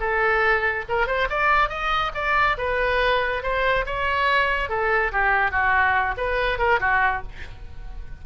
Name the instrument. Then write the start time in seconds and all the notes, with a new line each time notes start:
oboe
0.00 A4
0.89 A#4
1.07 C5
1.30 D5
1.69 D#5
2.15 D5
2.58 B4
3.43 C5
3.86 C#5
4.69 A4
5.12 G4
5.51 F#4
6.17 B4
6.58 A#4
6.80 F#4